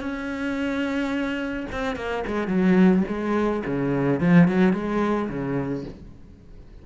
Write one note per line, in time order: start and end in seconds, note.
0.00 1.67 C#4
1.71 1.96 C4
1.96 2.23 A#3
2.27 2.47 G#3
2.47 3.03 F#3
3.08 3.63 G#3
3.66 4.20 C#3
4.20 4.48 F3
4.48 4.73 F#3
4.73 5.29 G#3
5.29 5.85 C#3